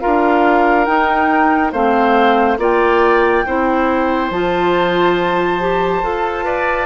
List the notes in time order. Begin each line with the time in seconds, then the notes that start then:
0.00 D4 F4 A#4 F5
0.85 D#4 G5
1.72 A3 C4 C5 F5
2.57 A#3 F4 D5 G5
3.46 C4 E4 C5
4.30 F3 F4 A5
5.60 G4
6.02 F4 A4
6.44 B4 D5